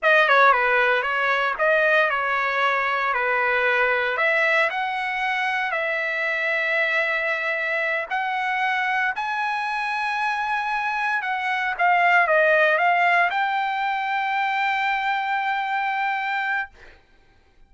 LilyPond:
\new Staff \with { instrumentName = "trumpet" } { \time 4/4 \tempo 4 = 115 dis''8 cis''8 b'4 cis''4 dis''4 | cis''2 b'2 | e''4 fis''2 e''4~ | e''2.~ e''8 fis''8~ |
fis''4. gis''2~ gis''8~ | gis''4. fis''4 f''4 dis''8~ | dis''8 f''4 g''2~ g''8~ | g''1 | }